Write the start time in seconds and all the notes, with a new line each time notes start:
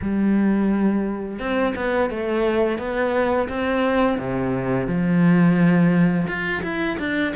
0.01 G3
1.39 C4
1.75 B3
2.09 A3
2.78 B3
3.48 C4
4.18 C3
4.87 F3
6.27 F4
6.62 E4
6.99 D4